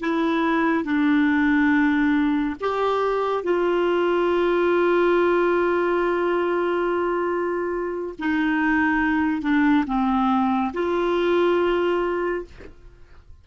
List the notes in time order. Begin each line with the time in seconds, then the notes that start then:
0.00 E4
0.84 D4
2.61 G4
3.43 F4
8.19 D#4
9.42 D4
9.86 C4
10.73 F4